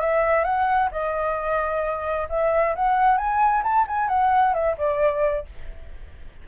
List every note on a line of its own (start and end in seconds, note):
0.00 0.44 E5
0.44 0.89 F#5
0.91 2.28 D#5
2.29 2.75 E5
2.75 3.17 F#5
3.17 3.63 G#5
3.63 3.86 A5
3.87 4.08 G#5
4.08 4.54 F#5
4.54 4.76 E5
4.78 5.46 D5